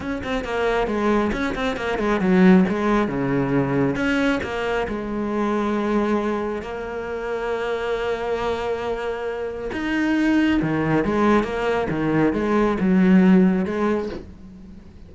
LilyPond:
\new Staff \with { instrumentName = "cello" } { \time 4/4 \tempo 4 = 136 cis'8 c'8 ais4 gis4 cis'8 c'8 | ais8 gis8 fis4 gis4 cis4~ | cis4 cis'4 ais4 gis4~ | gis2. ais4~ |
ais1~ | ais2 dis'2 | dis4 gis4 ais4 dis4 | gis4 fis2 gis4 | }